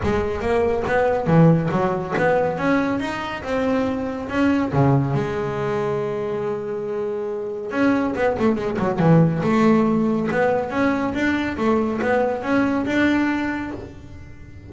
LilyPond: \new Staff \with { instrumentName = "double bass" } { \time 4/4 \tempo 4 = 140 gis4 ais4 b4 e4 | fis4 b4 cis'4 dis'4 | c'2 cis'4 cis4 | gis1~ |
gis2 cis'4 b8 a8 | gis8 fis8 e4 a2 | b4 cis'4 d'4 a4 | b4 cis'4 d'2 | }